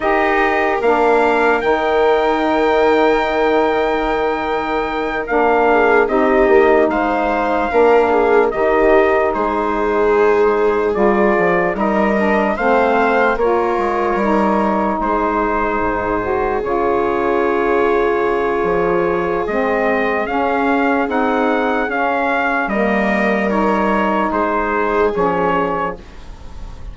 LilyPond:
<<
  \new Staff \with { instrumentName = "trumpet" } { \time 4/4 \tempo 4 = 74 dis''4 f''4 g''2~ | g''2~ g''8 f''4 dis''8~ | dis''8 f''2 dis''4 c''8~ | c''4. d''4 dis''4 f''8~ |
f''8 cis''2 c''4.~ | c''8 cis''2.~ cis''8 | dis''4 f''4 fis''4 f''4 | dis''4 cis''4 c''4 cis''4 | }
  \new Staff \with { instrumentName = "viola" } { \time 4/4 ais'1~ | ais'2. gis'8 g'8~ | g'8 c''4 ais'8 gis'8 g'4 gis'8~ | gis'2~ gis'8 ais'4 c''8~ |
c''8 ais'2 gis'4.~ | gis'1~ | gis'1 | ais'2 gis'2 | }
  \new Staff \with { instrumentName = "saxophone" } { \time 4/4 g'4 d'4 dis'2~ | dis'2~ dis'8 d'4 dis'8~ | dis'4. d'4 dis'4.~ | dis'4. f'4 dis'8 d'8 c'8~ |
c'8 f'4 dis'2~ dis'8 | fis'8 f'2.~ f'8 | c'4 cis'4 dis'4 cis'4 | ais4 dis'2 cis'4 | }
  \new Staff \with { instrumentName = "bassoon" } { \time 4/4 dis'4 ais4 dis2~ | dis2~ dis8 ais4 c'8 | ais8 gis4 ais4 dis4 gis8~ | gis4. g8 f8 g4 a8~ |
a8 ais8 gis8 g4 gis4 gis,8~ | gis,8 cis2~ cis8 f4 | gis4 cis'4 c'4 cis'4 | g2 gis4 f4 | }
>>